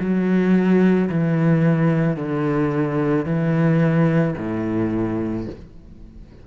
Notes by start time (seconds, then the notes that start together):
0.00 F#3
1.10 E3
2.16 D3
3.26 E3
4.38 A2